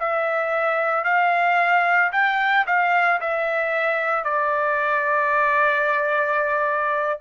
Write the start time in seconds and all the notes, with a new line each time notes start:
0.00 E5
1.05 F5
2.13 G5
2.67 F5
3.21 E5
4.25 D5